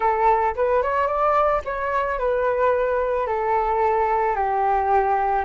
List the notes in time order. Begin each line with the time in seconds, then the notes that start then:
0.00 A4
0.55 B4
0.82 C#5
1.07 D5
1.65 C#5
2.18 B4
3.27 A4
4.35 G4